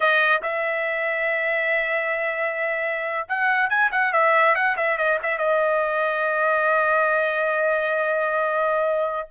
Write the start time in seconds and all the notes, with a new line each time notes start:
0.00 D#5
0.42 E5
3.28 F#5
3.69 G#5
3.91 F#5
4.12 E5
4.55 F#5
4.76 E5
4.97 D#5
5.23 E5
5.38 D#5